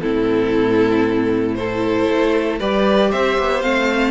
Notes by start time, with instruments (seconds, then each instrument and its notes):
0.00 cello A2, viola C4, violin E4 A4
1.55 viola E4, violin A4 C5
2.08 cello A3
2.59 cello G3, viola G4, violin B4 D5
3.10 cello C4, violin C5 E5
3.38 cello B3
3.61 cello A3, viola C4, violin F5